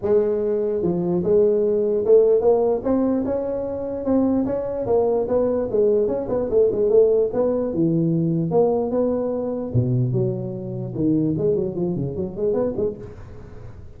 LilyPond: \new Staff \with { instrumentName = "tuba" } { \time 4/4 \tempo 4 = 148 gis2 f4 gis4~ | gis4 a4 ais4 c'4 | cis'2 c'4 cis'4 | ais4 b4 gis4 cis'8 b8 |
a8 gis8 a4 b4 e4~ | e4 ais4 b2 | b,4 fis2 dis4 | gis8 fis8 f8 cis8 fis8 gis8 b8 gis8 | }